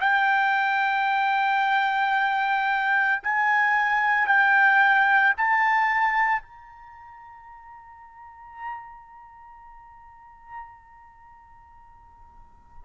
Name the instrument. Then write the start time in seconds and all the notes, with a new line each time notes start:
trumpet
0.00 G5
3.22 G#5
4.27 G5
5.37 A5
6.42 A#5